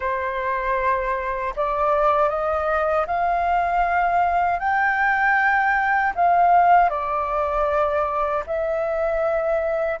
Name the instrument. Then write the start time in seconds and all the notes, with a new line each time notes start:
flute
0.00 C5
1.56 D5
2.29 D#5
3.06 F5
4.59 G5
6.15 F5
6.89 D5
8.46 E5